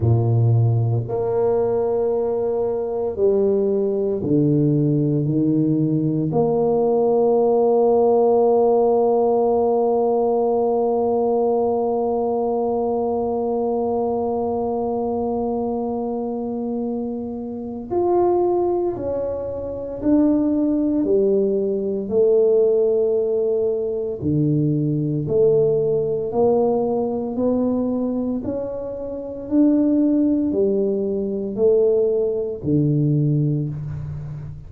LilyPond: \new Staff \with { instrumentName = "tuba" } { \time 4/4 \tempo 4 = 57 ais,4 ais2 g4 | d4 dis4 ais2~ | ais1~ | ais1~ |
ais4 f'4 cis'4 d'4 | g4 a2 d4 | a4 ais4 b4 cis'4 | d'4 g4 a4 d4 | }